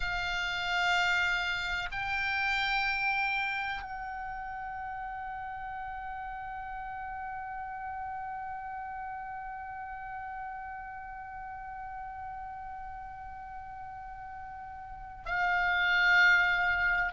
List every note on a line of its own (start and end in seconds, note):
0.00 1.89 F5
1.91 3.81 G5
3.81 15.24 F#5
15.26 17.12 F5